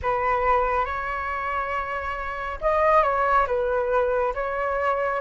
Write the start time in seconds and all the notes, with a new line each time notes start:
0.02 B4
0.85 C#5
2.61 D#5
3.02 C#5
3.46 B4
4.34 C#5